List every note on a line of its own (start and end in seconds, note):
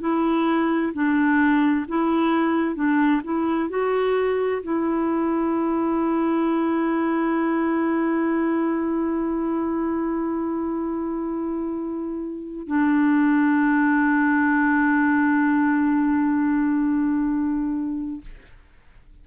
0.00 0.92 E4
0.93 1.85 D4
1.88 2.75 E4
2.75 3.21 D4
3.23 3.69 E4
3.69 4.62 F#4
4.62 12.67 E4
12.67 18.21 D4